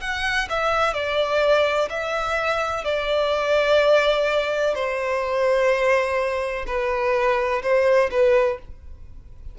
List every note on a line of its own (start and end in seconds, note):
0.00 0.48 F#5
0.49 0.93 E5
0.93 1.88 D5
1.89 2.84 E5
2.84 4.74 D5
4.74 6.65 C5
6.66 7.61 B4
7.62 8.10 C5
8.10 8.58 B4